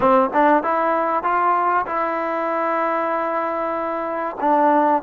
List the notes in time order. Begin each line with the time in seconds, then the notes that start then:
0.00 C4
0.33 D4
0.62 E4
1.23 F4
1.86 E4
4.40 D4